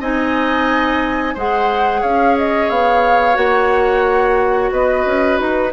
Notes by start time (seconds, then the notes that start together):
0.00 C4 D#4 D#5 G#5
1.34 G#3 G#4 C5 F#5
2.00 C#4 C#5 F5
2.37 D#5
2.69 B3 F5
3.34 A#3 F#4 F#5
4.71 B3 B4 D#5
5.05 C#4
5.37 D#4 B4